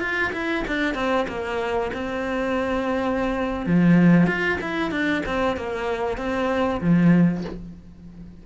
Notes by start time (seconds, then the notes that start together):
0.00 F4
0.32 E4
0.67 D4
0.94 C4
1.28 A#3
1.93 C4
3.66 F3
4.26 F4
4.61 E4
4.91 D4
5.25 C4
5.56 A#3
6.17 C4
6.81 F3